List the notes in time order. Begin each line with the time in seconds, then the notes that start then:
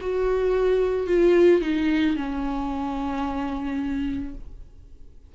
0.00 F#4
1.07 F4
1.61 D#4
2.16 C#4